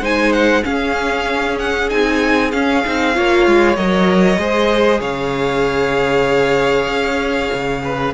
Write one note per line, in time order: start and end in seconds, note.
0.00 0.62 G#3
0.00 0.63 D#4
0.00 0.63 C5
0.00 0.32 G#5
0.32 0.63 F#5
0.63 1.88 C#4
0.63 1.91 C#4
0.63 3.15 G#4
0.63 1.58 F5
1.58 1.89 F#5
1.89 2.53 C4
1.89 2.52 D#4
1.89 2.51 G#5
2.51 2.84 C#4
2.51 3.76 F5
2.85 3.17 C4
2.85 3.14 D#4
3.14 3.46 A#3
3.14 3.76 F4
3.14 4.40 C#5
3.46 3.77 G#3
3.76 4.37 F#3
3.76 4.38 A#4
3.76 5.01 D#5
4.37 4.99 G#3
4.37 8.13 G#4
4.37 5.00 C5
5.00 6.87 C#3
5.00 7.81 C#5
5.00 8.13 F5
6.87 7.49 C#4
7.53 8.13 C#3
7.83 8.13 B4